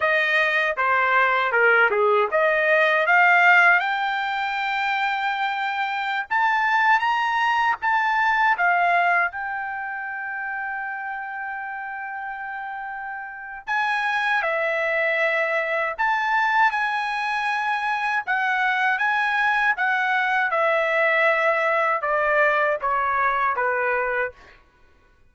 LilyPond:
\new Staff \with { instrumentName = "trumpet" } { \time 4/4 \tempo 4 = 79 dis''4 c''4 ais'8 gis'8 dis''4 | f''4 g''2.~ | g''16 a''4 ais''4 a''4 f''8.~ | f''16 g''2.~ g''8.~ |
g''2 gis''4 e''4~ | e''4 a''4 gis''2 | fis''4 gis''4 fis''4 e''4~ | e''4 d''4 cis''4 b'4 | }